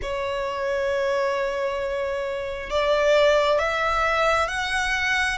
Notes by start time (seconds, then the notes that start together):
0.02 C#5
2.69 D5
3.58 E5
4.48 F#5